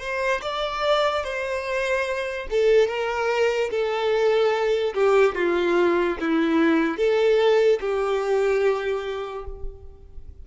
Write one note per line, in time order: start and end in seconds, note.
0.00 0.41 C5
0.42 1.24 D5
1.24 2.47 C5
2.50 2.88 A4
2.88 3.70 A#4
3.71 4.94 A4
4.94 5.35 G4
5.35 6.17 F4
6.20 6.97 E4
6.97 7.79 A4
7.81 9.45 G4